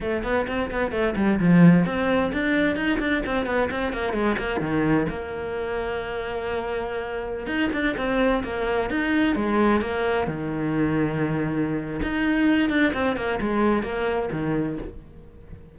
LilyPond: \new Staff \with { instrumentName = "cello" } { \time 4/4 \tempo 4 = 130 a8 b8 c'8 b8 a8 g8 f4 | c'4 d'4 dis'8 d'8 c'8 b8 | c'8 ais8 gis8 ais8 dis4 ais4~ | ais1~ |
ais16 dis'8 d'8 c'4 ais4 dis'8.~ | dis'16 gis4 ais4 dis4.~ dis16~ | dis2 dis'4. d'8 | c'8 ais8 gis4 ais4 dis4 | }